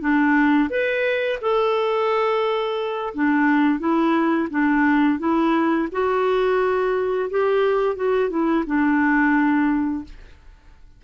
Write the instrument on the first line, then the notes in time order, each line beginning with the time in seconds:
clarinet
0.00 D4
0.70 B4
1.41 A4
3.14 D4
3.79 E4
4.50 D4
5.19 E4
5.92 F#4
7.30 G4
7.96 F#4
8.29 E4
8.66 D4